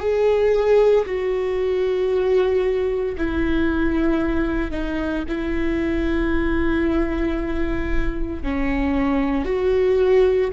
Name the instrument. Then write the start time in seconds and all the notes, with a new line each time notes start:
viola
0.00 G#4
1.06 F#4
3.18 E4
4.71 D#4
5.28 E4
8.43 C#4
9.45 F#4